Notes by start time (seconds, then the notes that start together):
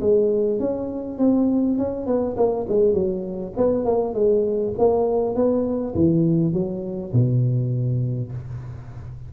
0.00 G#3
0.59 C#4
1.18 C4
1.78 C#4
2.06 B3
2.37 A#3
2.68 G#3
2.94 F#3
3.56 B3
3.85 A#3
4.14 G#3
4.78 A#3
5.35 B3
5.95 E3
6.53 F#3
7.13 B2